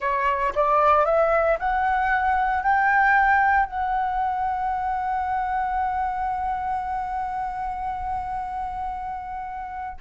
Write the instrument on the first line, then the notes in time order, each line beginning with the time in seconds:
flute
0.00 C#5
0.55 D5
1.05 E5
1.59 F#5
2.62 G5
3.66 F#5